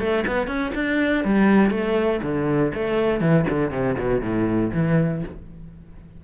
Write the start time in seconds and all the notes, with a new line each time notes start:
0.00 A3
0.27 B3
0.47 C#4
0.75 D4
1.25 G3
1.71 A3
2.23 D3
2.75 A3
3.21 E3
3.50 D3
3.71 C3
3.98 B2
4.21 A2
4.74 E3